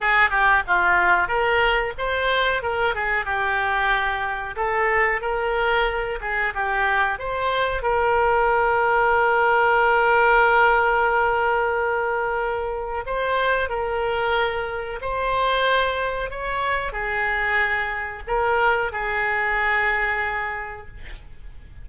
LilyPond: \new Staff \with { instrumentName = "oboe" } { \time 4/4 \tempo 4 = 92 gis'8 g'8 f'4 ais'4 c''4 | ais'8 gis'8 g'2 a'4 | ais'4. gis'8 g'4 c''4 | ais'1~ |
ais'1 | c''4 ais'2 c''4~ | c''4 cis''4 gis'2 | ais'4 gis'2. | }